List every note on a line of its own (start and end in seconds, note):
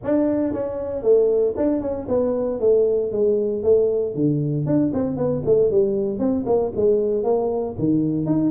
0.03 0.53 D4
0.53 1.02 C#4
1.02 1.54 A3
1.57 1.81 D4
1.81 2.07 C#4
2.08 2.60 B3
2.60 3.12 A3
3.12 3.63 G#3
3.63 4.14 A3
4.14 4.66 D3
4.66 4.92 D4
4.93 5.16 C4
5.16 5.42 B3
5.45 5.70 A3
5.70 6.18 G3
6.18 6.44 C4
6.46 6.72 A#3
6.76 7.23 G#3
7.23 7.75 A#3
7.78 8.25 D#3
8.25 8.50 D#4